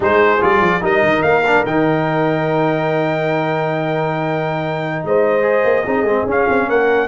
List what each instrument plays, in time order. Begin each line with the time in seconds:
0.00 tuba G#3, trombone D#4, horn G#4, trumpet C5
0.40 tuba G3, trombone F4, trumpet D5
0.61 tuba F3
0.80 tuba G3, trombone D#4, horn A#4, trumpet D#5
1.02 tuba D#3
1.22 tuba A#3, trumpet F5
1.45 trombone D4
1.65 tuba D#3, trombone D#4, trumpet G5
5.04 tuba G#3, horn C5, trumpet D#5
5.41 trombone G#4
5.64 tuba A#3
5.84 tuba C4, trombone D#4, horn G#4
6.02 tuba G#3, trombone C4
6.26 tuba C#4, trombone C#4, trumpet F5
6.48 tuba C4
6.67 tuba A#3, horn A#4, trumpet F#5